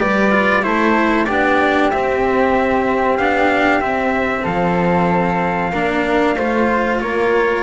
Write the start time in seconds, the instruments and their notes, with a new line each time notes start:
0.00 double bass G3, cello G4, flute B4, trumpet D5
0.32 cello F4
0.62 double bass A3, cello E4, flute A4, trumpet C5
1.26 double bass B3, cello D4, flute G4, trumpet D5
1.91 double bass C4, cello C4, trumpet E5
3.18 double bass B3, cello D4, trumpet F5
3.81 double bass C4, cello C4, trumpet E5
4.43 double bass F3, flute A4, trumpet F5
5.71 double bass A#3, cello D4, flute A#4
6.37 double bass A3, cello F4, flute C5
7.01 double bass A#3, flute A#4, trumpet C#5